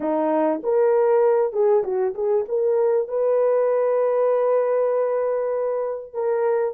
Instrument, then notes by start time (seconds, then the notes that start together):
horn
0.00 D#4
0.63 A#4
1.52 G#4
1.83 F#4
2.14 G#4
2.48 A#4
3.08 B4
6.13 A#4